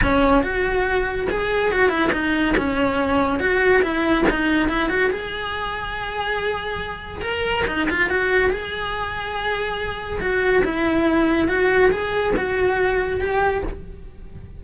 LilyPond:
\new Staff \with { instrumentName = "cello" } { \time 4/4 \tempo 4 = 141 cis'4 fis'2 gis'4 | fis'8 e'8 dis'4 cis'2 | fis'4 e'4 dis'4 e'8 fis'8 | gis'1~ |
gis'4 ais'4 dis'8 f'8 fis'4 | gis'1 | fis'4 e'2 fis'4 | gis'4 fis'2 g'4 | }